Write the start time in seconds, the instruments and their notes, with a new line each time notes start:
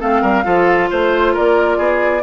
0.00 bassoon A3, clarinet C4, oboe A4, flute F5
0.22 bassoon G3, oboe A#4
0.44 bassoon F3, clarinet F4, oboe A4
0.90 bassoon A3, oboe C5, flute C5
1.34 bassoon A#3, oboe A#4, flute D5
1.78 bassoon B3, oboe G#4